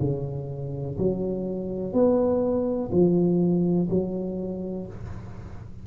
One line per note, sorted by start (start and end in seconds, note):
0.00 0.97 C#3
0.98 1.93 F#3
1.93 2.89 B3
2.92 3.88 F3
3.90 4.87 F#3